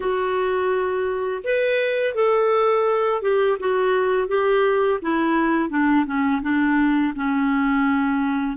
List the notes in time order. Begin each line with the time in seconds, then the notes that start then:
0.00 F#4
1.44 B4
2.15 A4
3.21 G4
3.59 F#4
4.28 G4
5.02 E4
5.69 D4
6.06 C#4
6.42 D4
7.15 C#4